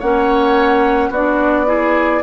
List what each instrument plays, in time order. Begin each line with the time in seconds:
0.00 bassoon A#3, clarinet C#4, oboe C#5, flute F#5
1.10 bassoon B3, clarinet D4, oboe F#4, flute D5
1.67 clarinet E4, oboe G#4